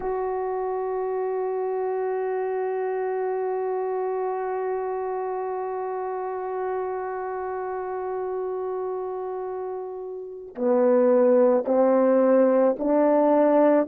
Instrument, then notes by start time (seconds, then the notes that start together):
horn
0.00 F#4
10.55 B3
11.65 C4
12.78 D4